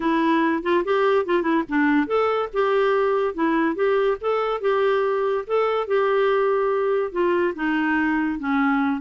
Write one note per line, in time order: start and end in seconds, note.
0.00 0.62 E4
0.62 0.83 F4
0.84 1.25 G4
1.25 1.42 F4
1.42 1.63 E4
1.68 2.07 D4
2.07 2.49 A4
2.53 3.34 G4
3.34 3.75 E4
3.75 4.17 G4
4.20 4.60 A4
4.60 5.44 G4
5.46 5.87 A4
5.87 7.11 G4
7.11 7.53 F4
7.55 8.39 D#4
8.39 9.00 C#4